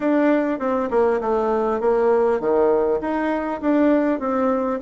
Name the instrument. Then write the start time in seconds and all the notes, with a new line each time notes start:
bassoon
0.00 D4
0.59 C4
0.90 A#3
1.20 A3
1.80 A#3
2.39 D#3
3.00 D#4
3.61 D4
4.19 C4